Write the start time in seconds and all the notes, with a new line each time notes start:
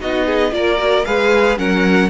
0.00 B3 D#4 F#4 D#5
0.26 G#4
0.52 A#3 F4 A#4 D5
0.78 F#4
1.05 G#3 G#4 B4 F5
1.57 F#3 C#4 A#4 F#5